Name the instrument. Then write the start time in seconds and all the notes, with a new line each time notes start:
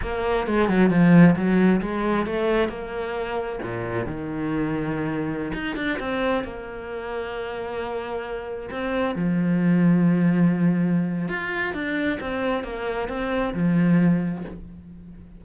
cello
0.02 A#3
0.47 G#3
0.68 F#3
0.90 F3
1.35 F#3
1.81 G#3
2.26 A3
2.68 A#3
3.62 A#2
4.06 D#3
5.53 D#4
5.76 D4
5.99 C4
6.44 A#3
8.70 C4
9.15 F3
11.28 F4
11.73 D4
12.20 C4
12.63 A#3
13.08 C4
13.54 F3